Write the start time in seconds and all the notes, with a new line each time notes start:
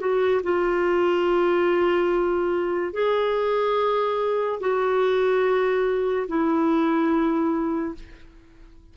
0.00 F#4
0.43 F4
2.94 G#4
4.61 F#4
6.28 E4